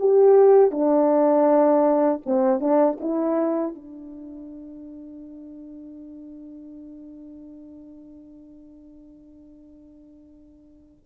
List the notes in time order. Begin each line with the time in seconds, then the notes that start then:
0.00 G4
0.71 D4
2.26 C4
2.61 D4
3.01 E4
3.76 D4